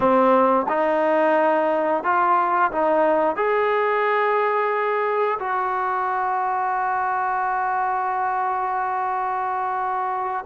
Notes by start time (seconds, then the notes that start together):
0.00 C4
0.69 D#4
2.03 F4
2.72 D#4
3.36 G#4
5.39 F#4